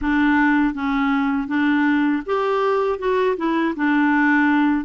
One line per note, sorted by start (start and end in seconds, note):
0.01 0.73 D4
0.73 1.47 C#4
1.47 2.22 D4
2.25 2.99 G4
2.99 3.36 F#4
3.36 3.74 E4
3.76 4.85 D4